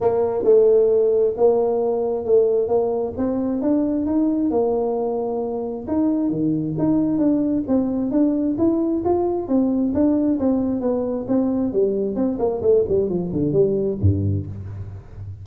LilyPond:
\new Staff \with { instrumentName = "tuba" } { \time 4/4 \tempo 4 = 133 ais4 a2 ais4~ | ais4 a4 ais4 c'4 | d'4 dis'4 ais2~ | ais4 dis'4 dis4 dis'4 |
d'4 c'4 d'4 e'4 | f'4 c'4 d'4 c'4 | b4 c'4 g4 c'8 ais8 | a8 g8 f8 d8 g4 g,4 | }